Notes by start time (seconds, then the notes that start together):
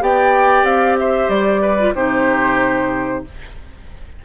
0.00 B3 G4 D5 G5
0.63 C4 F5
0.98 C5 E5
1.28 G3 D5
1.61 B4
1.79 F4
1.95 C3 D#4 G4 C5